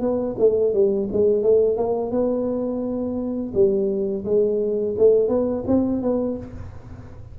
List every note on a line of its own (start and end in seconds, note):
0.00 0.35 B3
0.39 0.73 A3
0.73 1.09 G3
1.12 1.42 G#3
1.42 1.76 A3
1.76 2.11 A#3
2.11 3.52 B3
3.54 4.24 G3
4.24 4.95 G#3
4.98 5.28 A3
5.28 5.63 B3
5.67 6.02 C4
6.02 6.37 B3